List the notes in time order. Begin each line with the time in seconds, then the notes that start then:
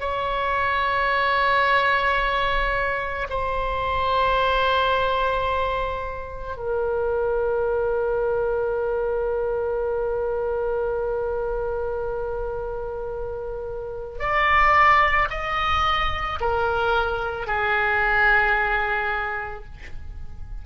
0.00 C#5
3.30 C5
6.57 A#4
14.20 D5
15.30 D#5
16.41 A#4
17.47 G#4